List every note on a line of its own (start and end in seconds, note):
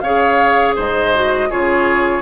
0.00 0.75 C#3
0.00 1.14 G#4
0.00 0.76 C#5
0.00 0.73 F5
0.76 1.50 G#2
0.76 1.49 C5
0.76 1.51 D#5
1.14 1.50 F#4
1.50 2.21 C#3
1.50 2.21 F4
1.50 2.21 G#4
1.50 2.21 C#5